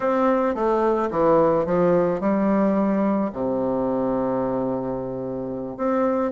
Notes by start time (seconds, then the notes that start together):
0.00 C4
0.54 A3
1.10 E3
1.65 F3
2.20 G3
3.33 C3
5.77 C4